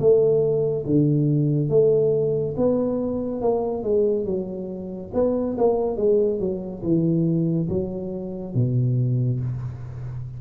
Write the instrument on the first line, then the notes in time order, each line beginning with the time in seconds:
tuba
0.00 A3
0.86 D3
1.69 A3
2.58 B3
3.42 A#3
3.84 G#3
4.26 F#3
5.14 B3
5.58 A#3
5.97 G#3
6.40 F#3
6.83 E3
7.69 F#3
8.55 B2